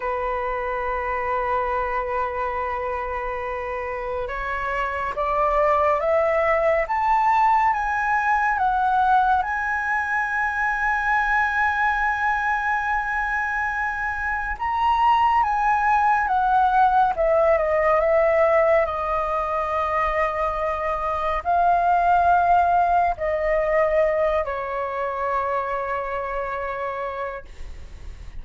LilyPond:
\new Staff \with { instrumentName = "flute" } { \time 4/4 \tempo 4 = 70 b'1~ | b'4 cis''4 d''4 e''4 | a''4 gis''4 fis''4 gis''4~ | gis''1~ |
gis''4 ais''4 gis''4 fis''4 | e''8 dis''8 e''4 dis''2~ | dis''4 f''2 dis''4~ | dis''8 cis''2.~ cis''8 | }